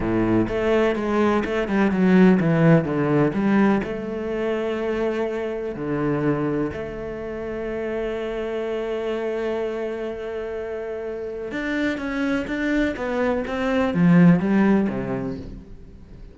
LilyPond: \new Staff \with { instrumentName = "cello" } { \time 4/4 \tempo 4 = 125 a,4 a4 gis4 a8 g8 | fis4 e4 d4 g4 | a1 | d2 a2~ |
a1~ | a1 | d'4 cis'4 d'4 b4 | c'4 f4 g4 c4 | }